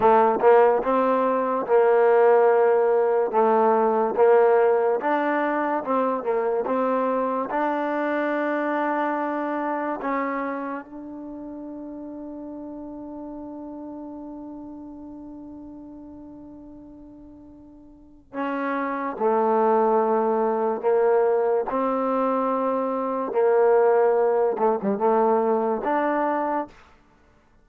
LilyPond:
\new Staff \with { instrumentName = "trombone" } { \time 4/4 \tempo 4 = 72 a8 ais8 c'4 ais2 | a4 ais4 d'4 c'8 ais8 | c'4 d'2. | cis'4 d'2.~ |
d'1~ | d'2 cis'4 a4~ | a4 ais4 c'2 | ais4. a16 g16 a4 d'4 | }